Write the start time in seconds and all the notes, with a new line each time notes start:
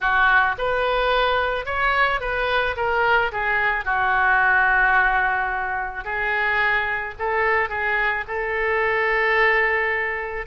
0.00 F#4
0.58 B4
1.65 C#5
2.20 B4
2.76 A#4
3.32 G#4
3.85 F#4
6.04 G#4
7.19 A4
7.69 G#4
8.27 A4